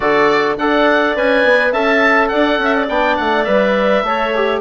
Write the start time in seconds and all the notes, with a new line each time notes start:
0.00 D3 F#4 A4 D5
0.57 D4 A4 D5 F#5
1.16 C#4 B4 G#5
1.44 B3
1.71 C#4 A4 E5 A5
2.28 D4 D5 F#5
2.58 C#4 E5
2.75 D5
2.88 B3 D4 G5
3.16 A3 F#5
3.44 G3 B4 E5
4.03 A3 A4 C#5
4.35 G4